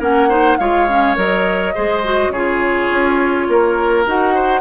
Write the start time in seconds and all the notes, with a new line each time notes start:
0.00 A#3 C#4 A#4 F#5
0.29 D#4 C5
0.58 G#3 F4 C#5 F5
0.89 C#4
1.16 F#3 A#4 D#5
1.75 G#3 G#4 C5
2.05 F#4
2.29 C#3 G#4 C#5
2.35 F4
2.91 C#4
3.49 A#3 A#4
4.06 D#4 F#4 F#5
4.35 C5